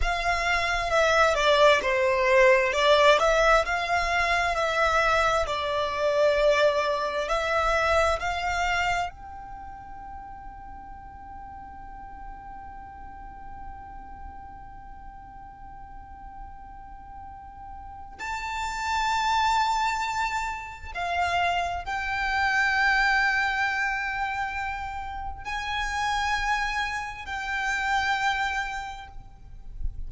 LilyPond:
\new Staff \with { instrumentName = "violin" } { \time 4/4 \tempo 4 = 66 f''4 e''8 d''8 c''4 d''8 e''8 | f''4 e''4 d''2 | e''4 f''4 g''2~ | g''1~ |
g''1 | a''2. f''4 | g''1 | gis''2 g''2 | }